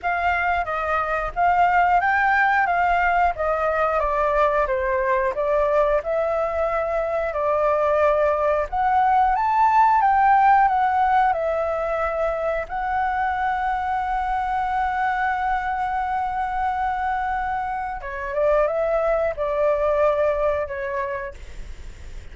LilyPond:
\new Staff \with { instrumentName = "flute" } { \time 4/4 \tempo 4 = 90 f''4 dis''4 f''4 g''4 | f''4 dis''4 d''4 c''4 | d''4 e''2 d''4~ | d''4 fis''4 a''4 g''4 |
fis''4 e''2 fis''4~ | fis''1~ | fis''2. cis''8 d''8 | e''4 d''2 cis''4 | }